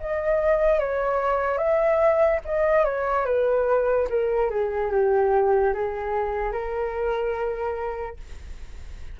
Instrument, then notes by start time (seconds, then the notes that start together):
flute
0.00 D#5
0.79 C#5
1.58 E5
2.45 D#5
2.85 C#5
3.25 B4
4.09 A#4
4.50 G#4
4.91 G4
5.74 G#4
6.52 A#4